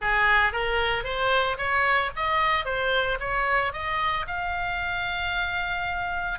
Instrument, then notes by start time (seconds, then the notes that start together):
oboe
0.01 G#4
0.52 A#4
1.04 C5
1.57 C#5
2.16 D#5
2.65 C5
3.20 C#5
3.72 D#5
4.27 F5